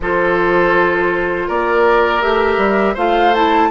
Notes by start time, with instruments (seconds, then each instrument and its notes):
0.00 bassoon F3, clarinet F4, oboe A4, flute C5
1.47 bassoon A#3, oboe A#4, flute D5
2.21 bassoon A3, clarinet G4, flute E5
2.57 bassoon G3
2.94 bassoon A3, clarinet F4, oboe C5, flute F5
3.34 clarinet E4, flute A5